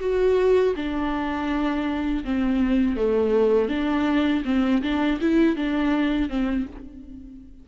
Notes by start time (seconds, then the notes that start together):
0.00 F#4
0.76 D4
2.24 C4
2.96 A3
3.69 D4
4.45 C4
4.82 D4
5.21 E4
5.56 D4
6.29 C4